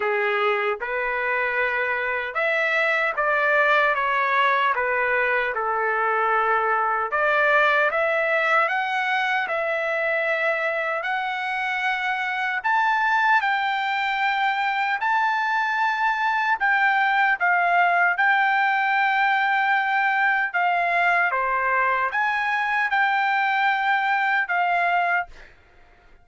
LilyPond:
\new Staff \with { instrumentName = "trumpet" } { \time 4/4 \tempo 4 = 76 gis'4 b'2 e''4 | d''4 cis''4 b'4 a'4~ | a'4 d''4 e''4 fis''4 | e''2 fis''2 |
a''4 g''2 a''4~ | a''4 g''4 f''4 g''4~ | g''2 f''4 c''4 | gis''4 g''2 f''4 | }